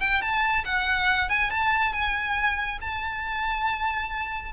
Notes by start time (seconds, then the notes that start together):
0.00 G5
0.22 A5
0.65 F#5
1.29 G#5
1.50 A5
1.93 G#5
2.81 A5